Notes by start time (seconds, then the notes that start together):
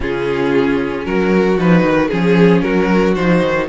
0.00 C#3 C#4 F4 G#4
1.05 F#3 F#4 A#4
1.57 F3 D#4 B4
1.83 D#3
2.08 F3 C#4 G#4
2.61 F#3 F#4 A#4
3.14 F3 D#4 C5
3.43 D#3